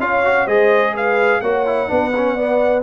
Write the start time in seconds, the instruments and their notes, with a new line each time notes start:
0.00 tuba C#4, trombone F4, horn C#5, trumpet F5
0.24 trombone F#4
0.45 tuba G#3, trombone G#4, horn C5, trumpet D#5
0.94 horn B4, trumpet F5
1.41 tuba A#3, trombone F#4, horn C#5, trumpet F#5
1.66 trombone E4
1.88 tuba B3, trombone D4, horn B4
2.17 trombone C#4
2.35 trombone B3, horn D5